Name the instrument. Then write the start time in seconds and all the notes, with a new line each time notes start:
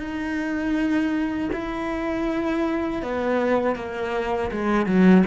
cello
0.00 D#4
1.53 E4
3.02 B3
3.76 A#3
4.51 G#3
4.86 F#3